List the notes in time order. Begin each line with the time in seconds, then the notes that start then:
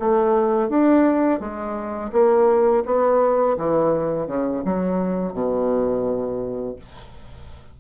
0.00 A3
0.69 D4
1.40 G#3
2.13 A#3
2.86 B3
3.58 E3
4.28 C#3
4.65 F#3
5.33 B2